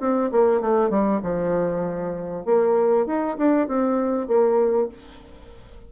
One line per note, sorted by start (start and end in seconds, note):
0.00 0.31 C4
0.32 0.61 A#3
0.61 0.90 A3
0.90 1.21 G3
1.23 2.45 F3
2.45 3.07 A#3
3.07 3.37 D#4
3.38 3.68 D4
3.68 4.28 C4
4.28 4.89 A#3